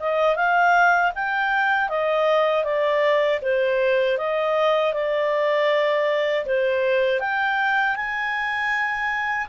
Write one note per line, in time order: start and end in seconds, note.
0.00 0.36 D#5
0.36 1.12 F5
1.15 1.89 G5
1.89 2.64 D#5
2.64 3.40 D5
3.42 4.18 C5
4.18 4.93 D#5
4.93 6.45 D5
6.46 7.20 C5
7.20 7.96 G5
7.96 9.48 G#5